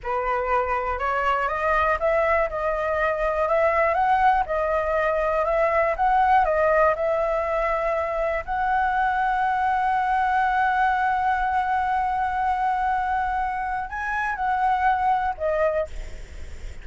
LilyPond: \new Staff \with { instrumentName = "flute" } { \time 4/4 \tempo 4 = 121 b'2 cis''4 dis''4 | e''4 dis''2 e''4 | fis''4 dis''2 e''4 | fis''4 dis''4 e''2~ |
e''4 fis''2.~ | fis''1~ | fis''1 | gis''4 fis''2 dis''4 | }